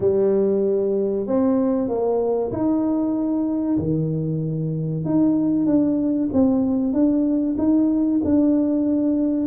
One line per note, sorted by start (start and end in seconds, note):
0.00 1.26 G3
1.26 1.88 C4
1.88 2.51 A#3
2.51 3.78 D#4
3.78 5.04 D#3
5.04 5.66 D#4
5.66 6.29 D4
6.32 6.93 C4
6.93 7.56 D4
7.58 8.21 D#4
8.24 9.47 D4